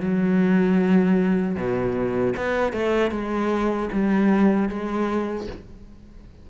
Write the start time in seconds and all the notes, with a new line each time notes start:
0.00 F#3
1.55 B2
2.36 B3
2.72 A3
3.11 G#3
3.92 G3
4.69 G#3